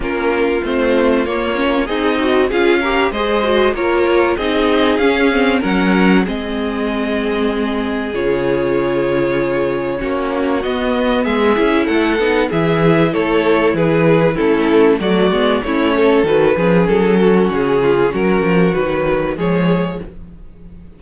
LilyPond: <<
  \new Staff \with { instrumentName = "violin" } { \time 4/4 \tempo 4 = 96 ais'4 c''4 cis''4 dis''4 | f''4 dis''4 cis''4 dis''4 | f''4 fis''4 dis''2~ | dis''4 cis''2.~ |
cis''4 dis''4 e''4 fis''4 | e''4 cis''4 b'4 a'4 | d''4 cis''4 b'4 a'4 | gis'4 ais'4 b'4 cis''4 | }
  \new Staff \with { instrumentName = "violin" } { \time 4/4 f'2. dis'4 | gis'8 ais'8 c''4 ais'4 gis'4~ | gis'4 ais'4 gis'2~ | gis'1 |
fis'2 gis'4 a'4 | gis'4 a'4 gis'4 e'4 | fis'4 e'8 a'4 gis'4 fis'8~ | fis'8 f'8 fis'2 gis'4 | }
  \new Staff \with { instrumentName = "viola" } { \time 4/4 cis'4 c'4 ais8 cis'8 gis'8 fis'8 | f'8 g'8 gis'8 fis'8 f'4 dis'4 | cis'8 c'8 cis'4 c'2~ | c'4 f'2. |
cis'4 b4. e'4 dis'8 | e'2. cis'4 | a8 b8 cis'4 fis'8 cis'4.~ | cis'2 fis4 gis4 | }
  \new Staff \with { instrumentName = "cello" } { \time 4/4 ais4 a4 ais4 c'4 | cis'4 gis4 ais4 c'4 | cis'4 fis4 gis2~ | gis4 cis2. |
ais4 b4 gis8 cis'8 a8 b8 | e4 a4 e4 a4 | fis8 gis8 a4 dis8 f8 fis4 | cis4 fis8 f8 dis4 f4 | }
>>